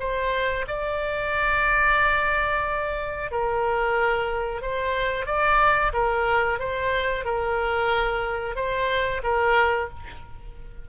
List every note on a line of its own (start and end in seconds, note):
0.00 0.66 C5
0.68 3.31 D5
3.31 4.62 A#4
4.62 5.26 C5
5.26 5.92 D5
5.94 6.59 A#4
6.59 7.25 C5
7.25 8.56 A#4
8.56 9.22 C5
9.23 9.89 A#4